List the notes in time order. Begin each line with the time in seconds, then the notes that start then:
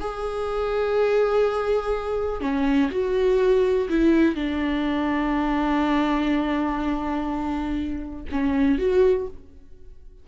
0.00 G#4
2.41 C#4
2.91 F#4
3.89 E4
4.35 D4
8.31 C#4
8.78 F#4